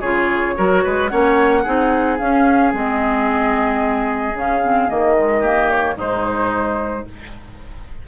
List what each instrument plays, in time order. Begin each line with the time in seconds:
0.00 bassoon C#3, clarinet F4, oboe G#4, flute C#5
0.56 bassoon F#3, clarinet F#4, oboe A#4
0.83 bassoon G#3, oboe B4
1.08 bassoon A#3, clarinet C#4, oboe C#5, flute F#5
1.63 bassoon C4, clarinet D#4, oboe G#4
2.18 bassoon C#4, clarinet C#4, flute F5
2.73 bassoon G#3, clarinet C4, flute D#5
4.33 bassoon C#3, clarinet C#4, flute F5
4.63 clarinet C4
4.88 bassoon D#3, clarinet A#3, flute D#5
5.17 clarinet G#3
5.40 clarinet A#3, oboe G4
5.70 flute C#5
5.96 bassoon G#2, clarinet G#3, oboe D#4, flute C5